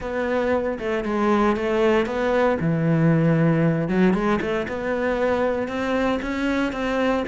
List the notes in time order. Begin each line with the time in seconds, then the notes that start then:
0.00 B3
0.79 A3
1.04 G#3
1.56 A3
2.06 B3
2.60 E3
3.88 F#3
4.13 G#3
4.41 A3
4.68 B3
5.68 C4
6.22 C#4
6.72 C4